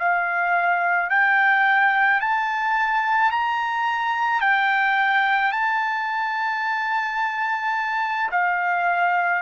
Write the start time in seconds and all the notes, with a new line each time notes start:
0.00 F5
1.10 G5
2.21 A5
3.32 A#5
4.41 G5
5.53 A5
8.31 F5